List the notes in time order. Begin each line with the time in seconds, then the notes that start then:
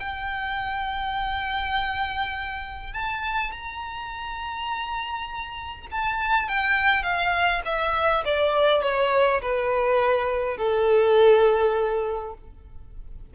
0.00 G5
2.93 A5
3.52 A#5
5.92 A5
6.48 G5
7.03 F5
7.65 E5
8.25 D5
8.83 C#5
9.42 B4
10.57 A4